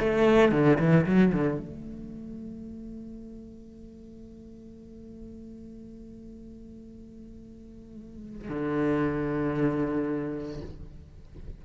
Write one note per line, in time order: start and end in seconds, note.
0.00 0.52 A3
0.52 0.78 D3
0.79 1.06 E3
1.06 1.33 F#3
1.33 1.59 D3
1.59 8.49 A3
8.49 10.61 D3